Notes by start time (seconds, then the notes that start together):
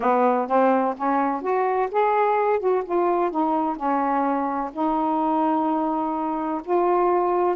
0.00 B3
0.47 C4
0.97 C#4
1.41 F#4
1.91 G#4
2.59 F#4
2.84 F4
3.30 D#4
3.76 C#4
4.72 D#4
6.64 F4